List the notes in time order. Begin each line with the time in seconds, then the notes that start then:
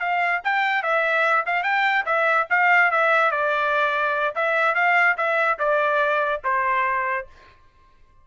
0.00 F5
0.44 G5
0.83 E5
1.46 F5
1.63 G5
2.06 E5
2.50 F5
2.91 E5
3.31 D5
4.35 E5
4.75 F5
5.17 E5
5.59 D5
6.44 C5